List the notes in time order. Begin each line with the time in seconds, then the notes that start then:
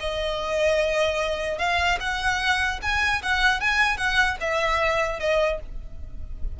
0.00 D#5
1.58 F5
2.00 F#5
2.82 G#5
3.22 F#5
3.60 G#5
3.97 F#5
4.40 E5
5.20 D#5